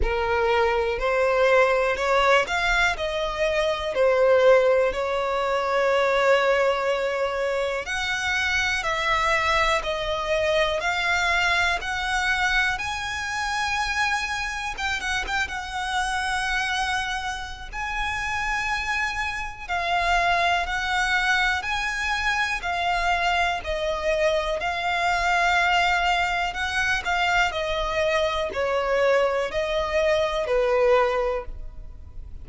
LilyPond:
\new Staff \with { instrumentName = "violin" } { \time 4/4 \tempo 4 = 61 ais'4 c''4 cis''8 f''8 dis''4 | c''4 cis''2. | fis''4 e''4 dis''4 f''4 | fis''4 gis''2 g''16 fis''16 g''16 fis''16~ |
fis''2 gis''2 | f''4 fis''4 gis''4 f''4 | dis''4 f''2 fis''8 f''8 | dis''4 cis''4 dis''4 b'4 | }